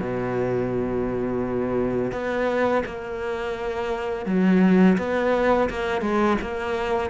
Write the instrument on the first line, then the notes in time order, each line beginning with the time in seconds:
cello
0.00 B2
2.12 B3
2.86 A#3
4.26 F#3
4.98 B3
5.70 A#3
6.02 G#3
6.42 A#3